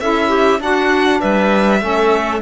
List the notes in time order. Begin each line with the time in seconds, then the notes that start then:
0.00 C#4 E4 A4 E5
0.28 G4
0.58 D4 F#4 F#5
1.20 G3 B4 E5
1.80 A3 C#4 A4